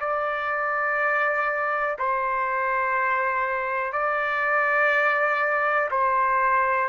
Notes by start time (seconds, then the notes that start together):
0.00 D5
1.98 C5
3.93 D5
5.91 C5